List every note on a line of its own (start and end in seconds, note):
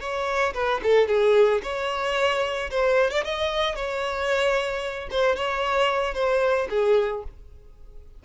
0.00 0.54 C#5
0.54 0.81 B4
0.83 1.08 A4
1.08 1.61 G#4
1.63 2.70 C#5
2.71 3.10 C5
3.10 3.24 D5
3.24 3.75 D#5
3.75 5.09 C#5
5.10 5.36 C5
5.36 6.14 C#5
6.14 6.68 C5
6.70 7.23 G#4